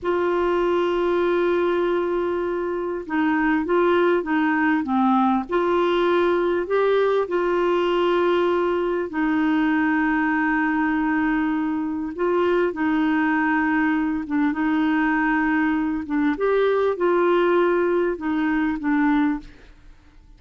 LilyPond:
\new Staff \with { instrumentName = "clarinet" } { \time 4/4 \tempo 4 = 99 f'1~ | f'4 dis'4 f'4 dis'4 | c'4 f'2 g'4 | f'2. dis'4~ |
dis'1 | f'4 dis'2~ dis'8 d'8 | dis'2~ dis'8 d'8 g'4 | f'2 dis'4 d'4 | }